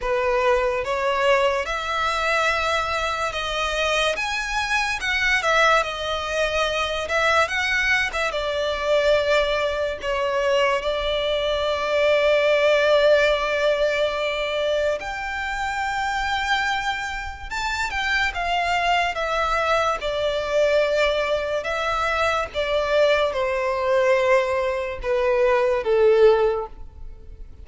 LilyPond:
\new Staff \with { instrumentName = "violin" } { \time 4/4 \tempo 4 = 72 b'4 cis''4 e''2 | dis''4 gis''4 fis''8 e''8 dis''4~ | dis''8 e''8 fis''8. e''16 d''2 | cis''4 d''2.~ |
d''2 g''2~ | g''4 a''8 g''8 f''4 e''4 | d''2 e''4 d''4 | c''2 b'4 a'4 | }